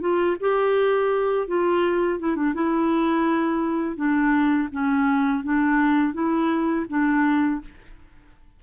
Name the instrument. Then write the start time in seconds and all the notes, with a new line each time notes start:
clarinet
0.00 F4
0.40 G4
1.47 F4
2.19 E4
2.36 D4
2.54 E4
3.96 D4
4.71 C#4
5.43 D4
6.13 E4
6.88 D4